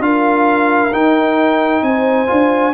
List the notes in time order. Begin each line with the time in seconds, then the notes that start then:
0.00 D4 F4 A#4 F5
0.92 D#4 G5
1.83 C4 C5 G#5
2.27 D4 F4